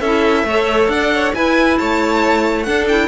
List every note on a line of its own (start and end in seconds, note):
0.00 0.43 C#4
0.00 0.47 E4
0.00 0.44 A4
0.00 0.88 E5
0.43 0.87 A3
0.43 1.34 A4
0.43 0.91 C#5
0.88 1.32 D4
0.88 1.13 D5
0.88 1.33 F#5
1.14 1.35 C#5
1.34 2.65 E4
1.34 1.79 E4
1.34 1.78 B4
1.34 1.78 G#5
1.78 2.66 A3
1.78 2.66 C#5
1.78 2.63 A5
2.63 2.87 D4
2.63 3.08 D4
2.63 3.08 A4
2.63 2.85 F#5
2.87 3.08 E4
2.87 3.08 G5